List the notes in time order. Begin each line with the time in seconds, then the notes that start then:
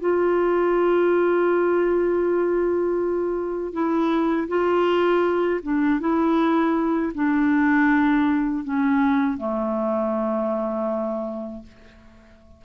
0.00 F4
3.73 E4
4.48 F4
5.63 D4
6.00 E4
7.15 D4
8.64 C#4
9.38 A3